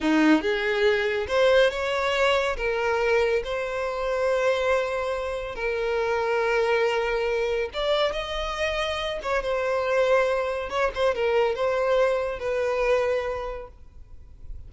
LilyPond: \new Staff \with { instrumentName = "violin" } { \time 4/4 \tempo 4 = 140 dis'4 gis'2 c''4 | cis''2 ais'2 | c''1~ | c''4 ais'2.~ |
ais'2 d''4 dis''4~ | dis''4. cis''8 c''2~ | c''4 cis''8 c''8 ais'4 c''4~ | c''4 b'2. | }